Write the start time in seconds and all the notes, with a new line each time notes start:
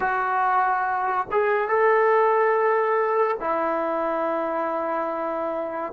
0.00 F#4
1.31 G#4
1.68 A4
3.40 E4